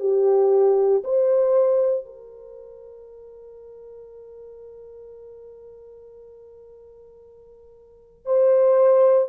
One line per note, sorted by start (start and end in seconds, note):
0.00 1.03 G4
1.04 2.06 C5
2.06 8.26 A#4
8.26 9.29 C5